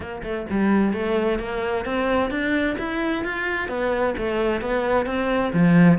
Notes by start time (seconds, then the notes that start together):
0.00 A#3
0.23 A3
0.50 G3
0.93 A3
1.39 A#3
1.85 C4
2.30 D4
2.78 E4
3.24 F4
3.68 B3
4.17 A3
4.61 B3
5.06 C4
5.53 F3